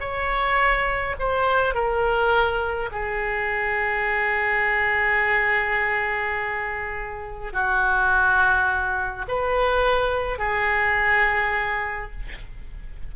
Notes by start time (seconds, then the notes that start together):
0.00 C#5
1.19 C5
1.74 A#4
2.92 G#4
7.53 F#4
9.28 B4
10.38 G#4